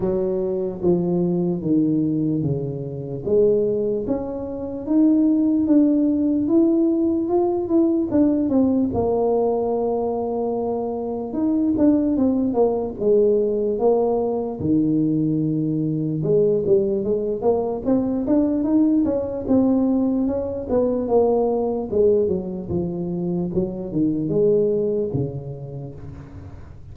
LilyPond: \new Staff \with { instrumentName = "tuba" } { \time 4/4 \tempo 4 = 74 fis4 f4 dis4 cis4 | gis4 cis'4 dis'4 d'4 | e'4 f'8 e'8 d'8 c'8 ais4~ | ais2 dis'8 d'8 c'8 ais8 |
gis4 ais4 dis2 | gis8 g8 gis8 ais8 c'8 d'8 dis'8 cis'8 | c'4 cis'8 b8 ais4 gis8 fis8 | f4 fis8 dis8 gis4 cis4 | }